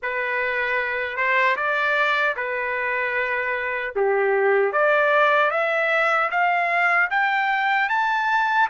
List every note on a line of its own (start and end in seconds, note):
0.02 1.16 B4
1.16 1.56 C5
1.56 2.35 D5
2.36 3.94 B4
3.95 4.72 G4
4.72 5.50 D5
5.50 6.29 E5
6.31 7.09 F5
7.10 7.89 G5
7.89 8.68 A5